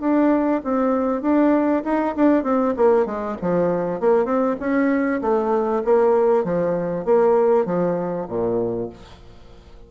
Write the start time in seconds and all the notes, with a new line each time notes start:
0.00 D4
0.64 C4
1.21 D4
1.84 D#4
2.15 D4
2.43 C4
2.76 A#3
3.05 G#3
3.41 F3
4.00 A#3
4.25 C4
4.59 C#4
5.21 A3
5.84 A#3
6.44 F3
7.05 A#3
7.65 F3
8.28 A#2